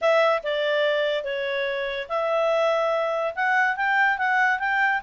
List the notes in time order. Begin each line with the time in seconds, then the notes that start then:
0.01 E5
0.43 D5
1.24 C#5
2.09 E5
3.35 F#5
3.76 G5
4.18 F#5
4.59 G5